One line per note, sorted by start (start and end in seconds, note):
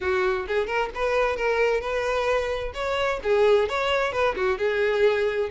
0.01 0.46 F#4
0.47 0.66 G#4
0.66 0.89 A#4
0.94 1.36 B4
1.36 1.80 A#4
1.80 2.72 B4
2.74 3.19 C#5
3.23 3.68 G#4
3.68 4.12 C#5
4.12 4.35 B4
4.36 4.58 F#4
4.58 5.49 G#4